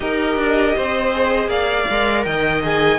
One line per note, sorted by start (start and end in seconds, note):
0.00 0.36 D#4
0.00 1.11 G4
0.00 0.75 A#4
0.00 1.50 D#5
0.36 0.74 D4
0.75 1.46 C4
0.75 1.49 C5
1.12 1.87 G#4
1.46 1.84 A#3
1.46 2.24 D5
1.46 2.24 F5
1.89 2.25 G#3
1.89 2.62 A#4
2.24 2.99 D#3
2.24 2.99 D#5
2.24 2.61 G5
2.62 2.99 G#4
2.62 2.99 G#5